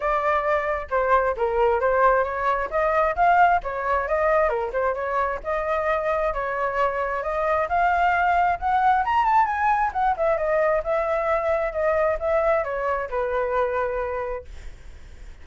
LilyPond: \new Staff \with { instrumentName = "flute" } { \time 4/4 \tempo 4 = 133 d''2 c''4 ais'4 | c''4 cis''4 dis''4 f''4 | cis''4 dis''4 ais'8 c''8 cis''4 | dis''2 cis''2 |
dis''4 f''2 fis''4 | ais''8 a''8 gis''4 fis''8 e''8 dis''4 | e''2 dis''4 e''4 | cis''4 b'2. | }